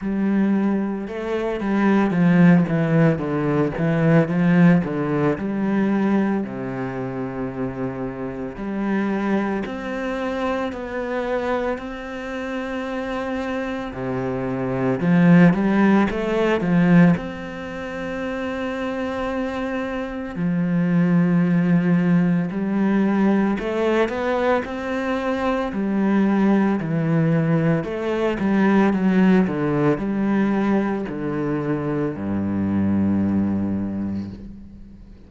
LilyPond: \new Staff \with { instrumentName = "cello" } { \time 4/4 \tempo 4 = 56 g4 a8 g8 f8 e8 d8 e8 | f8 d8 g4 c2 | g4 c'4 b4 c'4~ | c'4 c4 f8 g8 a8 f8 |
c'2. f4~ | f4 g4 a8 b8 c'4 | g4 e4 a8 g8 fis8 d8 | g4 d4 g,2 | }